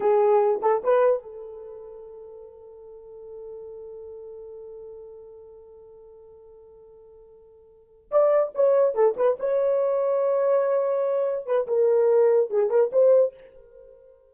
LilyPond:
\new Staff \with { instrumentName = "horn" } { \time 4/4 \tempo 4 = 144 gis'4. a'8 b'4 a'4~ | a'1~ | a'1~ | a'1~ |
a'2.~ a'8 d''8~ | d''8 cis''4 a'8 b'8 cis''4.~ | cis''2.~ cis''8 b'8 | ais'2 gis'8 ais'8 c''4 | }